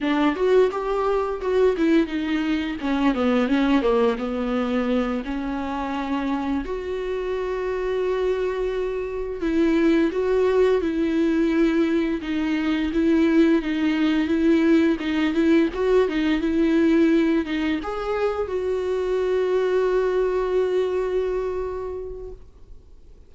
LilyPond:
\new Staff \with { instrumentName = "viola" } { \time 4/4 \tempo 4 = 86 d'8 fis'8 g'4 fis'8 e'8 dis'4 | cis'8 b8 cis'8 ais8 b4. cis'8~ | cis'4. fis'2~ fis'8~ | fis'4. e'4 fis'4 e'8~ |
e'4. dis'4 e'4 dis'8~ | dis'8 e'4 dis'8 e'8 fis'8 dis'8 e'8~ | e'4 dis'8 gis'4 fis'4.~ | fis'1 | }